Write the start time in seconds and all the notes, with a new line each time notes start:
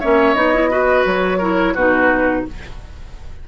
0.00 A#3 C#4 C#5 E5
0.34 B3 D#4 D#5
0.54 E4
0.71 F#4 B4
1.06 F#3 C#5
1.38 E4 A#4
1.74 B2 D#4 F#4 B4